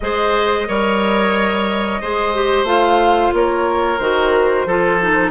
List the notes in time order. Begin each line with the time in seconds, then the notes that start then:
0.00 G#3 G#4 C5 D#5
0.67 G3 A#4 C#5
2.01 G#3 G#4 C5
2.34 G4
2.63 A3 F4 F5
3.33 A#3 A#4 C#5
3.98 D#3 F#4 C5
4.65 F3 F4 A4
5.01 D#4